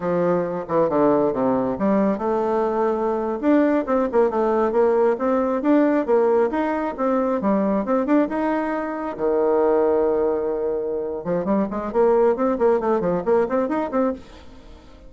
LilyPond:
\new Staff \with { instrumentName = "bassoon" } { \time 4/4 \tempo 4 = 136 f4. e8 d4 c4 | g4 a2~ a8. d'16~ | d'8. c'8 ais8 a4 ais4 c'16~ | c'8. d'4 ais4 dis'4 c'16~ |
c'8. g4 c'8 d'8 dis'4~ dis'16~ | dis'8. dis2.~ dis16~ | dis4. f8 g8 gis8 ais4 | c'8 ais8 a8 f8 ais8 c'8 dis'8 c'8 | }